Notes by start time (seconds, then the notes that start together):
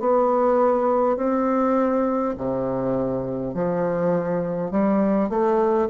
0.00 B3
1.17 C4
2.37 C3
3.54 F3
4.71 G3
5.29 A3